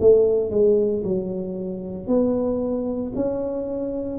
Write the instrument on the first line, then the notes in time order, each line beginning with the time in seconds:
tuba
0.00 A3
0.51 G#3
1.04 F#3
2.07 B3
3.15 C#4